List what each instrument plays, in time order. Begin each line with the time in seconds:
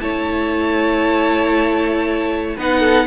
0.00 cello A3, viola E4, violin C#5 A5
2.56 cello B3, viola D#4, violin B4 F#5
2.80 violin A4